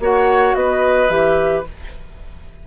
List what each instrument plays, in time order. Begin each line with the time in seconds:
0.00 bassoon A#3, clarinet F#4, oboe C#5, flute F#5
0.55 bassoon B3, oboe B4, flute D#5
1.09 bassoon E3, clarinet G4, flute E5